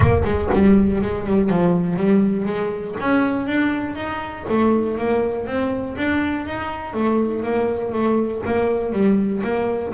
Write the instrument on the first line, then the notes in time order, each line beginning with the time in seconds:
double bass
0.00 A#3
0.24 G#3
0.53 G3
1.01 G#3
1.26 G3
1.49 F3
1.96 G3
2.45 G#3
3.00 C#4
3.46 D4
3.95 D#4
4.49 A3
4.97 A#3
5.46 C4
5.97 D4
6.46 D#4
6.93 A3
7.43 A#3
7.92 A3
8.45 A#3
8.92 G3
9.43 A#3